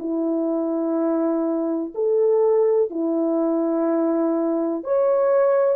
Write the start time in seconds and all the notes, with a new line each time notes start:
0.00 E4
1.95 A4
2.91 E4
4.84 C#5